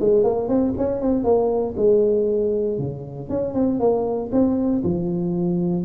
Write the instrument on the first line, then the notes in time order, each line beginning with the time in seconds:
tuba
0.00 G#3
0.24 A#3
0.48 C4
0.77 C#4
1.01 C4
1.24 A#3
1.77 G#3
2.79 C#3
3.29 C#4
3.54 C4
3.80 A#3
4.32 C4
4.84 F3